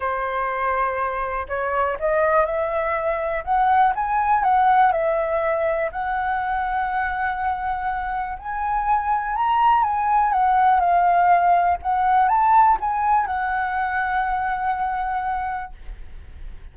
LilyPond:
\new Staff \with { instrumentName = "flute" } { \time 4/4 \tempo 4 = 122 c''2. cis''4 | dis''4 e''2 fis''4 | gis''4 fis''4 e''2 | fis''1~ |
fis''4 gis''2 ais''4 | gis''4 fis''4 f''2 | fis''4 a''4 gis''4 fis''4~ | fis''1 | }